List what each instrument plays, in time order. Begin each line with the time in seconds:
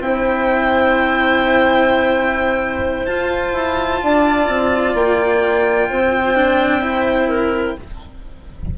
0.00 bassoon C4, cello E4, clarinet C5, violin G5
3.06 cello F4, bassoon F4, violin A5
3.53 bassoon E4
4.03 bassoon D4, clarinet D5
4.48 bassoon C4
4.94 bassoon A#3, violin G5
5.89 bassoon C4, clarinet C5
6.35 cello D4
6.81 cello E4
7.28 clarinet A#4